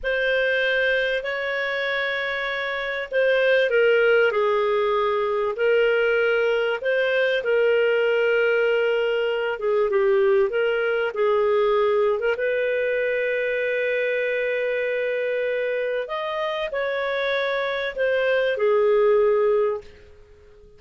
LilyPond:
\new Staff \with { instrumentName = "clarinet" } { \time 4/4 \tempo 4 = 97 c''2 cis''2~ | cis''4 c''4 ais'4 gis'4~ | gis'4 ais'2 c''4 | ais'2.~ ais'8 gis'8 |
g'4 ais'4 gis'4.~ gis'16 ais'16 | b'1~ | b'2 dis''4 cis''4~ | cis''4 c''4 gis'2 | }